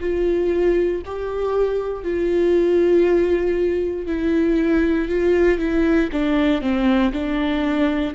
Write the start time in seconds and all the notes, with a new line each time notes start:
0.00 F4
1.05 G4
2.03 F4
4.06 E4
5.08 F4
5.58 E4
6.12 D4
6.61 C4
7.12 D4